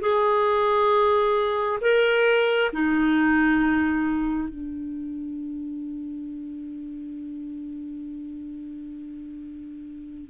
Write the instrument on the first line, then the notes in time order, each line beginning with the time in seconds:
clarinet
0.00 G#4
1.81 A#4
2.73 D#4
4.49 D4